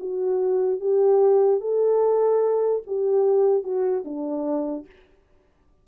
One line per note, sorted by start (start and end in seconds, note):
0.00 0.80 F#4
0.80 1.61 G4
1.61 2.82 A4
2.87 3.63 G4
3.63 4.04 F#4
4.05 4.86 D4